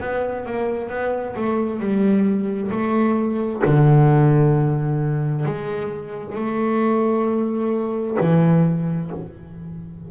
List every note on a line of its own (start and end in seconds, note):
0.00 0.45 B3
0.45 0.89 A#3
0.89 1.35 B3
1.36 1.79 A3
1.79 2.70 G3
2.71 3.62 A3
3.65 5.45 D3
5.45 6.35 G#3
6.35 8.17 A3
8.20 9.11 E3